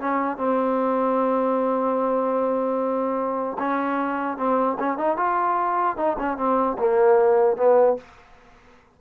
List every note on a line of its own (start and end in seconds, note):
0.00 0.37 C#4
0.37 3.57 C4
3.59 4.37 C#4
4.37 4.77 C4
4.79 4.98 C#4
4.98 5.17 D#4
5.17 5.97 F4
5.97 6.17 D#4
6.19 6.37 C#4
6.37 6.77 C4
6.79 7.57 A#3
7.57 7.97 B3